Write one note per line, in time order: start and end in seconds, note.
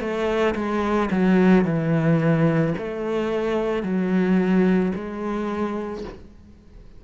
0.00 0.55 A3
0.55 1.10 G#3
1.11 1.65 F#3
1.65 2.74 E3
2.78 3.83 A3
3.83 4.92 F#3
4.95 6.04 G#3